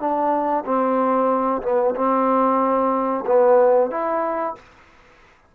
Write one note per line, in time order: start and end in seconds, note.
0.00 0.65 D4
0.65 1.62 C4
1.63 1.95 B3
1.96 3.25 C4
3.26 3.91 B3
3.91 4.55 E4